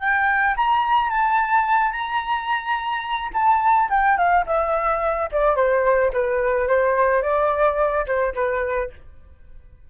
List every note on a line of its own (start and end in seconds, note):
0.00 0.56 G5
0.57 1.10 A#5
1.10 1.92 A5
1.92 3.31 A#5
3.34 3.89 A5
3.90 4.18 G5
4.18 4.45 F5
4.46 5.30 E5
5.32 5.56 D5
5.56 6.12 C5
6.13 6.68 B4
6.68 7.23 C5
7.23 8.06 D5
8.07 8.34 C5
8.35 8.90 B4